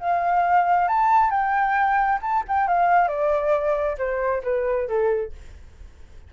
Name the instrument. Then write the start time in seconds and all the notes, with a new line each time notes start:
flute
0.00 F5
0.88 A5
1.31 G5
2.22 A5
2.48 G5
2.68 F5
3.08 D5
3.98 C5
4.44 B4
4.88 A4